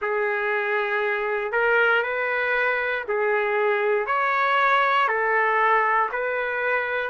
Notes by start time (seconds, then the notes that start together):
0.01 G#4
1.52 A#4
2.02 B4
3.07 G#4
4.06 C#5
5.08 A4
6.12 B4